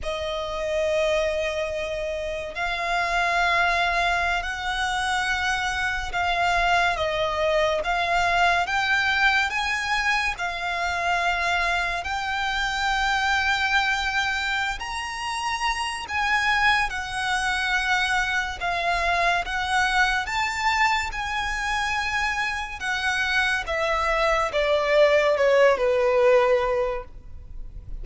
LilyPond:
\new Staff \with { instrumentName = "violin" } { \time 4/4 \tempo 4 = 71 dis''2. f''4~ | f''4~ f''16 fis''2 f''8.~ | f''16 dis''4 f''4 g''4 gis''8.~ | gis''16 f''2 g''4.~ g''16~ |
g''4. ais''4. gis''4 | fis''2 f''4 fis''4 | a''4 gis''2 fis''4 | e''4 d''4 cis''8 b'4. | }